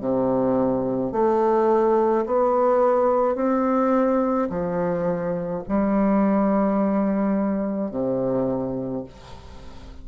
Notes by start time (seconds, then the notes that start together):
0.00 C3
1.12 A3
2.25 B3
3.35 C4
4.49 F3
5.68 G3
7.90 C3